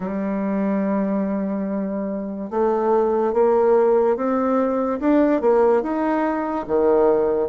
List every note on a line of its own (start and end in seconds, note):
0.00 2.50 G3
2.50 3.33 A3
3.33 4.16 A#3
4.16 4.99 C4
5.00 5.41 D4
5.41 5.82 A#3
5.82 6.65 D#4
6.67 7.48 D#3